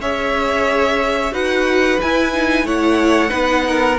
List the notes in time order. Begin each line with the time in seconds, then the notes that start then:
0.00 C#4 G#4 C#5 E5
1.31 D#4 F#4 B4 F#5
2.01 E4 G#5
2.33 D#4
2.63 A3 E4 C#5 F#5
3.28 B3 D#4 B4
3.67 A#4